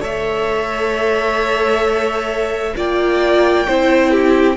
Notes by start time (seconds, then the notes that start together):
0.00 A3 A4 C#5 E5
2.75 A#3 F4 D5 G5
3.68 C4 E4 C5
4.11 G4